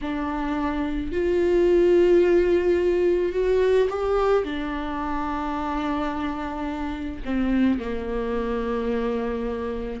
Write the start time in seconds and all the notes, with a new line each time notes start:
0.01 D4
1.12 F4
3.32 F#4
3.89 G4
4.44 D4
7.25 C4
7.79 A#3